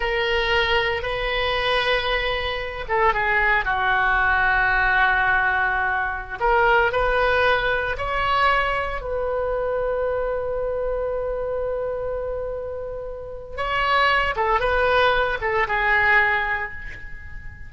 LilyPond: \new Staff \with { instrumentName = "oboe" } { \time 4/4 \tempo 4 = 115 ais'2 b'2~ | b'4. a'8 gis'4 fis'4~ | fis'1~ | fis'16 ais'4 b'2 cis''8.~ |
cis''4~ cis''16 b'2~ b'8.~ | b'1~ | b'2 cis''4. a'8 | b'4. a'8 gis'2 | }